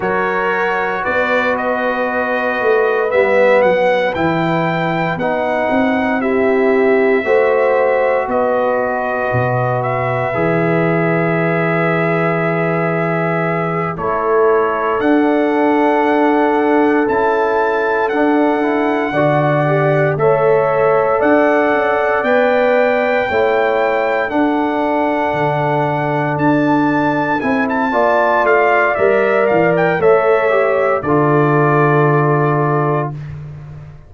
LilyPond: <<
  \new Staff \with { instrumentName = "trumpet" } { \time 4/4 \tempo 4 = 58 cis''4 d''8 dis''4. e''8 fis''8 | g''4 fis''4 e''2 | dis''4. e''2~ e''8~ | e''4. cis''4 fis''4.~ |
fis''8 a''4 fis''2 e''8~ | e''8 fis''4 g''2 fis''8~ | fis''4. a''4 gis''16 a''8. f''8 | e''8 f''16 g''16 e''4 d''2 | }
  \new Staff \with { instrumentName = "horn" } { \time 4/4 ais'4 b'2.~ | b'2 g'4 c''4 | b'1~ | b'4. a'2~ a'8~ |
a'2~ a'8 d''4 cis''8~ | cis''8 d''2 cis''4 a'8~ | a'2. d''4~ | d''4 cis''4 a'2 | }
  \new Staff \with { instrumentName = "trombone" } { \time 4/4 fis'2. b4 | e'4 dis'4 e'4 fis'4~ | fis'2 gis'2~ | gis'4. e'4 d'4.~ |
d'8 e'4 d'8 e'8 fis'8 g'8 a'8~ | a'4. b'4 e'4 d'8~ | d'2~ d'8 e'8 f'4 | ais'4 a'8 g'8 f'2 | }
  \new Staff \with { instrumentName = "tuba" } { \time 4/4 fis4 b4. a8 g8 fis8 | e4 b8 c'4. a4 | b4 b,4 e2~ | e4. a4 d'4.~ |
d'8 cis'4 d'4 d4 a8~ | a8 d'8 cis'8 b4 a4 d'8~ | d'8 d4 d'4 c'8 ais8 a8 | g8 e8 a4 d2 | }
>>